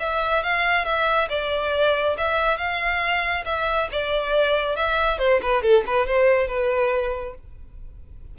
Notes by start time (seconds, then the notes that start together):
0.00 E5
0.43 F5
0.85 E5
1.30 D5
2.18 E5
2.58 F5
3.46 E5
3.92 D5
4.76 E5
5.19 C5
5.42 B4
5.63 A4
5.87 B4
6.07 C5
6.48 B4